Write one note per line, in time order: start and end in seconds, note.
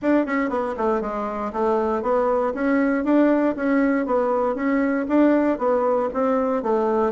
0.02 0.26 D4
0.26 0.49 C#4
0.49 0.75 B3
0.77 1.01 A3
1.01 1.52 G#3
1.53 2.02 A3
2.02 2.53 B3
2.54 3.04 C#4
3.04 3.55 D4
3.56 4.05 C#4
4.05 4.55 B3
4.55 5.06 C#4
5.08 5.58 D4
5.58 6.09 B3
6.13 6.62 C4
6.62 7.12 A3